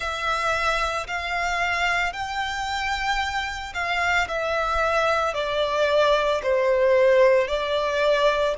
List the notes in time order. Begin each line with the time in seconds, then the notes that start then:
0.00 E5
1.07 F5
2.12 G5
3.74 F5
4.28 E5
5.33 D5
6.42 C5
7.47 D5